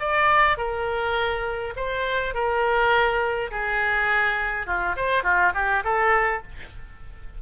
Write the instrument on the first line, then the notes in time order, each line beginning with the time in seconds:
oboe
0.00 D5
0.57 A#4
1.76 C5
2.34 A#4
3.51 G#4
4.67 F4
4.96 C5
5.23 F4
5.54 G4
5.84 A4